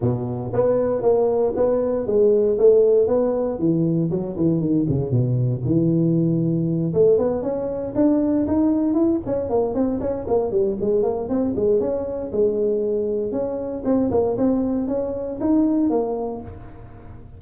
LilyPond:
\new Staff \with { instrumentName = "tuba" } { \time 4/4 \tempo 4 = 117 b,4 b4 ais4 b4 | gis4 a4 b4 e4 | fis8 e8 dis8 cis8 b,4 e4~ | e4. a8 b8 cis'4 d'8~ |
d'8 dis'4 e'8 cis'8 ais8 c'8 cis'8 | ais8 g8 gis8 ais8 c'8 gis8 cis'4 | gis2 cis'4 c'8 ais8 | c'4 cis'4 dis'4 ais4 | }